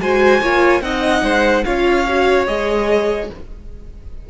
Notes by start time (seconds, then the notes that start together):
0.00 G#3 F#4 C5 G#5
0.41 A#3 F4 C#5
0.81 C4 D#4 D#5 F#5
1.23 G#3 C5
1.64 C#4 F4 C#5 F5
2.09 F#4
2.47 G#3 G#4 D#5